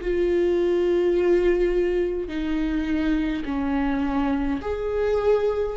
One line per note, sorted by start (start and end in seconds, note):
0.00 2.28 F4
2.28 3.43 D#4
3.45 4.60 C#4
4.61 5.76 G#4